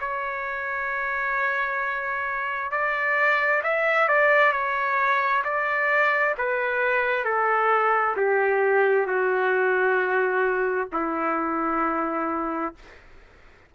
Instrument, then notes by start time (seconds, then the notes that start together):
trumpet
0.00 C#5
2.71 D5
3.63 E5
4.08 D5
4.52 C#5
5.44 D5
6.38 B4
7.24 A4
8.17 G4
9.06 F#4
10.93 E4